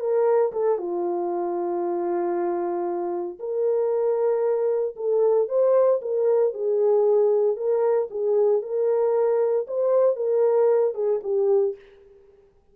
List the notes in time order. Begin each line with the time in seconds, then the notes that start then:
0.00 A#4
0.52 A4
0.78 F4
3.39 A#4
4.96 A4
5.49 C5
6.02 A#4
6.54 G#4
7.57 A#4
8.11 G#4
8.62 A#4
9.67 C5
10.16 A#4
10.94 G#4
11.23 G4